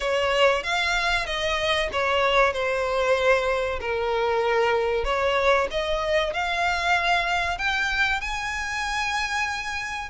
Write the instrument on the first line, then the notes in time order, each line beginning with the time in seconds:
violin
0.00 C#5
0.63 F5
1.26 D#5
1.92 C#5
2.53 C5
3.80 A#4
5.04 C#5
5.70 D#5
6.33 F5
7.58 G5
8.20 G#5